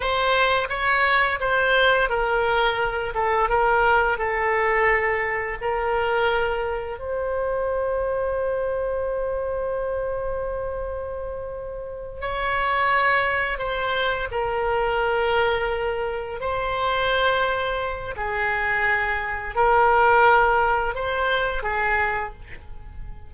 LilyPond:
\new Staff \with { instrumentName = "oboe" } { \time 4/4 \tempo 4 = 86 c''4 cis''4 c''4 ais'4~ | ais'8 a'8 ais'4 a'2 | ais'2 c''2~ | c''1~ |
c''4. cis''2 c''8~ | c''8 ais'2. c''8~ | c''2 gis'2 | ais'2 c''4 gis'4 | }